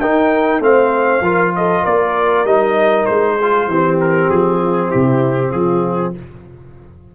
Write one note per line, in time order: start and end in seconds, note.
0.00 0.61 D#4
0.00 0.59 D#4
0.00 0.62 A#4
0.00 0.61 G5
0.59 1.20 A3
0.59 1.22 C4
0.59 1.23 C5
0.59 1.55 F5
1.20 1.81 F3
1.20 2.46 F4
1.20 1.53 A#4
1.55 1.82 A4
1.55 1.85 D#5
1.82 2.44 A#3
1.82 3.35 A#4
1.82 2.46 D5
2.44 3.05 G3
2.44 3.38 D#4
2.44 3.05 D#5
3.05 3.67 G#3
3.05 3.97 C5
3.37 3.70 F4
3.37 3.68 G#4
3.67 4.28 E3
3.67 6.15 C4
3.67 4.60 G4
4.00 4.29 A#4
4.29 4.91 F3
4.29 4.91 G#4
4.62 4.87 F4
4.87 5.48 E4
4.87 5.51 G4
4.94 5.52 C3
5.49 6.13 F3
5.49 6.10 F4
5.49 6.12 G#4